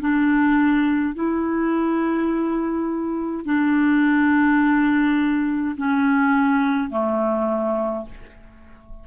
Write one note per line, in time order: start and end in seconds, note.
0.00 1.14 D4
1.14 3.45 E4
3.45 5.76 D4
5.77 6.90 C#4
6.90 8.06 A3